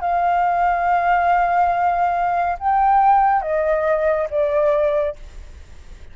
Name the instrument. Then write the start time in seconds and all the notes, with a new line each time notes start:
flute
0.00 F5
2.59 G5
3.42 D#5
4.30 D5